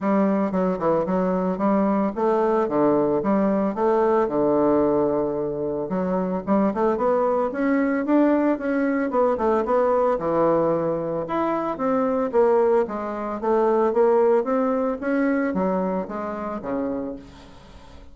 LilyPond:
\new Staff \with { instrumentName = "bassoon" } { \time 4/4 \tempo 4 = 112 g4 fis8 e8 fis4 g4 | a4 d4 g4 a4 | d2. fis4 | g8 a8 b4 cis'4 d'4 |
cis'4 b8 a8 b4 e4~ | e4 e'4 c'4 ais4 | gis4 a4 ais4 c'4 | cis'4 fis4 gis4 cis4 | }